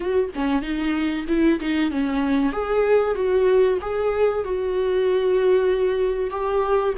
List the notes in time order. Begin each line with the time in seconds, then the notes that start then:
0.00 F#4
0.35 C#4
0.61 D#4
1.28 E4
1.60 D#4
1.90 C#4
2.52 G#4
3.15 F#4
3.81 G#4
4.44 F#4
6.30 G4